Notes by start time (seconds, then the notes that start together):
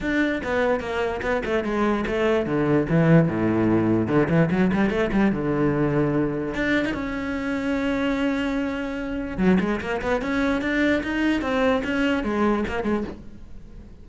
0.00 D4
0.43 B3
0.80 A#3
1.22 B3
1.45 A3
1.63 G#3
2.06 A3
2.46 D3
2.89 E3
3.28 A2
4.07 D3
4.29 E3
4.50 F#3
4.73 G3
4.90 A3
5.12 G3
5.32 D3
6.54 D4
6.85 D#4
6.93 C#4
9.37 F#3
9.60 G#3
9.80 A#3
10.01 B3
10.21 C#4
10.61 D4
11.03 D#4
11.41 C4
11.84 C#4
12.23 G#3
12.68 A#3
12.83 G#3